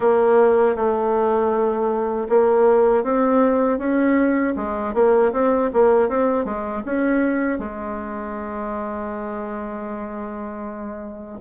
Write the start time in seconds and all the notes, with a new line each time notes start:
0.00 A#3
0.75 A3
2.29 A#3
3.03 C4
3.78 C#4
4.56 G#3
4.94 A#3
5.32 C4
5.73 A#3
6.09 C4
6.44 G#3
6.85 C#4
7.58 G#3